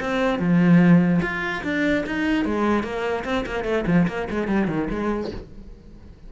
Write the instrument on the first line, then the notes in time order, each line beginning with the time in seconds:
cello
0.00 C4
0.39 F3
1.22 F4
1.63 D4
2.06 D#4
2.45 G#3
2.83 A#3
3.24 C4
3.46 A#3
3.64 A3
3.86 F3
4.07 A#3
4.30 G#3
4.47 G3
4.67 D#3
4.91 G#3